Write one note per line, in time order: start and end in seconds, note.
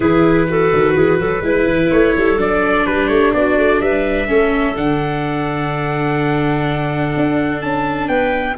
0.00 0.71 E3
0.00 0.46 E4
0.00 0.48 G#4
0.00 1.91 B4
0.48 1.43 F#4
0.48 0.94 A4
0.72 0.95 D#3
0.94 1.19 E3
0.94 1.18 G#4
1.19 1.41 F#3
1.19 1.43 A4
1.41 1.65 G#3
1.41 2.37 E4
1.41 2.16 B4
1.65 1.88 E3
1.91 2.15 A3
1.91 2.38 C#5
2.16 2.37 G3
2.16 2.87 A4
2.37 2.85 F#3
2.37 4.27 D4
2.37 2.86 D5
2.86 3.09 G3
2.86 3.35 G4
2.86 3.07 B4
3.07 3.32 A3
3.07 3.31 C#5
3.33 3.57 B3
3.33 3.81 F#4
3.33 3.81 D5
3.57 3.80 A3
3.80 4.28 G3
3.80 4.29 B4
3.80 4.76 E5
4.27 4.76 A3
4.27 4.75 C#4
4.27 8.08 A4
4.75 7.15 D3
4.75 8.56 D4
4.75 7.61 F#5
7.16 7.62 D4
7.61 8.08 C#4
7.61 8.08 A5
8.08 8.56 B3
8.08 8.56 B4
8.08 8.56 G5